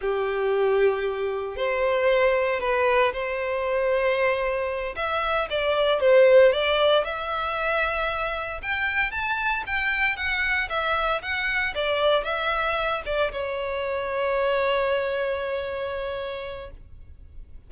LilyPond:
\new Staff \with { instrumentName = "violin" } { \time 4/4 \tempo 4 = 115 g'2. c''4~ | c''4 b'4 c''2~ | c''4. e''4 d''4 c''8~ | c''8 d''4 e''2~ e''8~ |
e''8 g''4 a''4 g''4 fis''8~ | fis''8 e''4 fis''4 d''4 e''8~ | e''4 d''8 cis''2~ cis''8~ | cis''1 | }